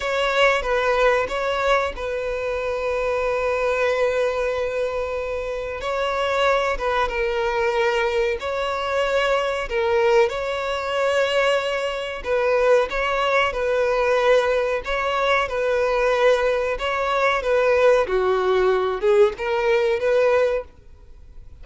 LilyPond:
\new Staff \with { instrumentName = "violin" } { \time 4/4 \tempo 4 = 93 cis''4 b'4 cis''4 b'4~ | b'1~ | b'4 cis''4. b'8 ais'4~ | ais'4 cis''2 ais'4 |
cis''2. b'4 | cis''4 b'2 cis''4 | b'2 cis''4 b'4 | fis'4. gis'8 ais'4 b'4 | }